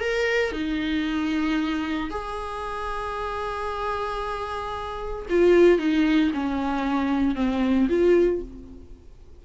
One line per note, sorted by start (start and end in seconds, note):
0.00 0.52 A#4
0.52 2.10 D#4
2.10 5.26 G#4
5.29 5.78 F4
5.78 6.31 D#4
6.33 7.35 C#4
7.35 7.88 C4
7.89 8.42 F4